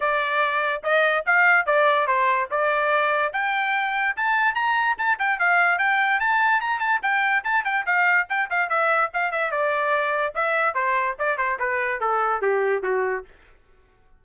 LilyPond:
\new Staff \with { instrumentName = "trumpet" } { \time 4/4 \tempo 4 = 145 d''2 dis''4 f''4 | d''4 c''4 d''2 | g''2 a''4 ais''4 | a''8 g''8 f''4 g''4 a''4 |
ais''8 a''8 g''4 a''8 g''8 f''4 | g''8 f''8 e''4 f''8 e''8 d''4~ | d''4 e''4 c''4 d''8 c''8 | b'4 a'4 g'4 fis'4 | }